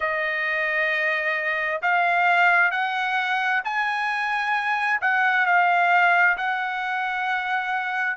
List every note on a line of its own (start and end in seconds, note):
0.00 1.81 D#5
1.81 2.71 F5
2.71 3.62 F#5
3.64 5.00 G#5
5.01 5.45 F#5
5.45 6.36 F5
6.37 8.16 F#5